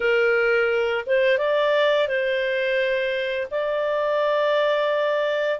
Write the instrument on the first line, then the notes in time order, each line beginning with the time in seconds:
clarinet
0.00 A#4
1.06 C5
1.38 D5
2.08 C5
3.50 D5